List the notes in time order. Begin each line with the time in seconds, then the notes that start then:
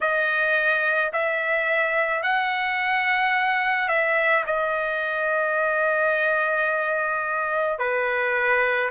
0.01 D#5
1.13 E5
2.22 F#5
3.88 E5
4.46 D#5
7.78 B4